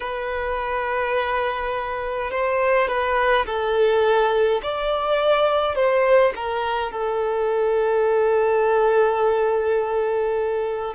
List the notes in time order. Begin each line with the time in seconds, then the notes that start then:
0.00 B4
2.30 C5
2.87 B4
3.46 A4
4.63 D5
5.75 C5
6.35 A#4
6.91 A4